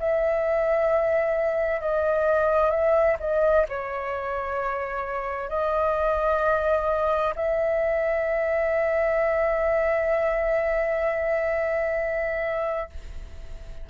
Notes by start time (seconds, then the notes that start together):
0.00 E5
1.81 D#5
2.71 E5
3.20 D#5
3.69 C#5
5.50 D#5
7.36 E5